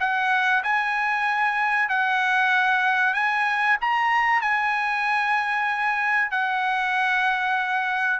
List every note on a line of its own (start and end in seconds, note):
0.00 0.63 F#5
0.63 1.89 G#5
1.89 3.14 F#5
3.14 3.77 G#5
3.81 4.42 A#5
4.42 6.31 G#5
6.31 8.20 F#5